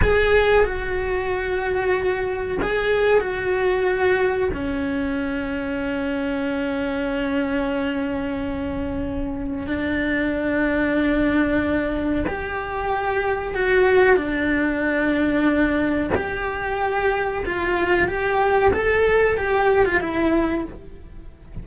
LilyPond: \new Staff \with { instrumentName = "cello" } { \time 4/4 \tempo 4 = 93 gis'4 fis'2. | gis'4 fis'2 cis'4~ | cis'1~ | cis'2. d'4~ |
d'2. g'4~ | g'4 fis'4 d'2~ | d'4 g'2 f'4 | g'4 a'4 g'8. f'16 e'4 | }